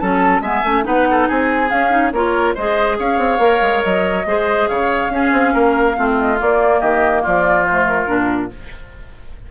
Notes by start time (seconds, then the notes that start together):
0.00 F#3 C#4 A4 A5
0.41 G#3 B3 E5 G#5
0.64 A3 C#4
0.83 B3 D#4 B4 F#5
1.11 A4
1.28 C4 G#4 G#5
1.70 C#4 F5
1.90 D#4
2.12 A#3 F4 A#4 C#5
2.55 G#3 G#4 C5 D#5
2.99 C#4 C#5 F5
3.18 C4
3.39 A#3 A#4
3.62 G#3
3.84 F#3 D#5
4.26 G#3 G#4 C5
4.68 C#3 C#5 F5
5.10 C#4 G#4
5.33 C4
5.54 A#3 A#4
5.95 A3 C4 F4
6.19 D#5
6.38 A#3 D5
6.80 D#3 G4 D#5
7.22 F3 F4 D5
7.65 A3 C5
7.87 A#4
8.07 A#2 D4